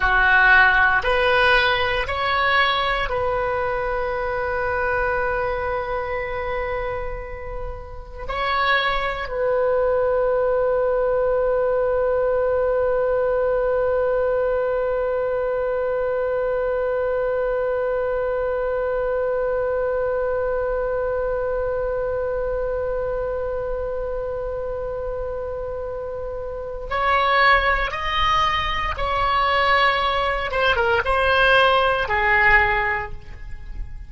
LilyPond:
\new Staff \with { instrumentName = "oboe" } { \time 4/4 \tempo 4 = 58 fis'4 b'4 cis''4 b'4~ | b'1 | cis''4 b'2.~ | b'1~ |
b'1~ | b'1~ | b'2 cis''4 dis''4 | cis''4. c''16 ais'16 c''4 gis'4 | }